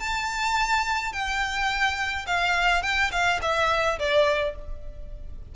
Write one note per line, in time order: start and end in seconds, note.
0.00 1.13 A5
1.13 2.26 G5
2.27 2.83 F5
2.83 3.11 G5
3.12 3.40 F5
3.42 3.99 E5
3.99 4.56 D5